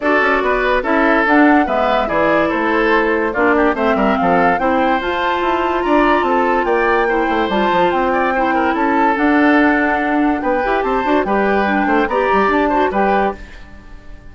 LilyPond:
<<
  \new Staff \with { instrumentName = "flute" } { \time 4/4 \tempo 4 = 144 d''2 e''4 fis''4 | e''4 d''4 c''2 | d''4 e''4 f''4 g''4 | a''2 ais''4 a''4 |
g''2 a''4 g''4~ | g''4 a''4 fis''2~ | fis''4 g''4 a''4 g''4~ | g''4 ais''4 a''4 g''4 | }
  \new Staff \with { instrumentName = "oboe" } { \time 4/4 a'4 b'4 a'2 | b'4 gis'4 a'2 | f'8 g'8 c''8 ais'8 a'4 c''4~ | c''2 d''4 a'4 |
d''4 c''2~ c''8 d''8 | c''8 ais'8 a'2.~ | a'4 b'4 c''4 b'4~ | b'8 c''8 d''4. c''8 b'4 | }
  \new Staff \with { instrumentName = "clarinet" } { \time 4/4 fis'2 e'4 d'4 | b4 e'2. | d'4 c'2 e'4 | f'1~ |
f'4 e'4 f'2 | e'2 d'2~ | d'4. g'4 fis'8 g'4 | d'4 g'4. fis'8 g'4 | }
  \new Staff \with { instrumentName = "bassoon" } { \time 4/4 d'8 cis'8 b4 cis'4 d'4 | gis4 e4 a2 | ais4 a8 g8 f4 c'4 | f'4 e'4 d'4 c'4 |
ais4. a8 g8 f8 c'4~ | c'4 cis'4 d'2~ | d'4 b8 e'8 c'8 d'8 g4~ | g8 a8 b8 g8 d'4 g4 | }
>>